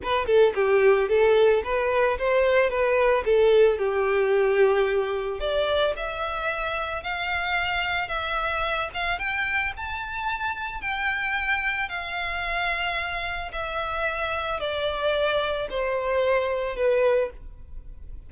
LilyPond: \new Staff \with { instrumentName = "violin" } { \time 4/4 \tempo 4 = 111 b'8 a'8 g'4 a'4 b'4 | c''4 b'4 a'4 g'4~ | g'2 d''4 e''4~ | e''4 f''2 e''4~ |
e''8 f''8 g''4 a''2 | g''2 f''2~ | f''4 e''2 d''4~ | d''4 c''2 b'4 | }